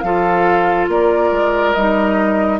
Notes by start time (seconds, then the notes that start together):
0.00 F3 F4 A4 F5
0.87 A#3 A#4 D5
1.31 G#3
1.73 G3 D#4 D#5